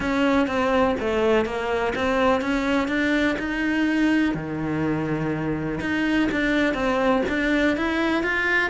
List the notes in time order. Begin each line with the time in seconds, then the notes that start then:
0.00 C#4
0.47 C4
0.99 A3
1.45 A#3
1.95 C4
2.41 C#4
2.88 D4
3.38 D#4
4.34 D#3
5.80 D#4
6.31 D4
6.74 C4
7.28 D4
7.76 E4
8.23 F4